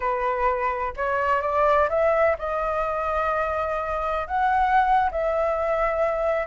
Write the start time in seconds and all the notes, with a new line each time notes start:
0.00 B4
0.96 C#5
1.41 D5
1.89 E5
2.38 D#5
4.27 F#5
5.11 E5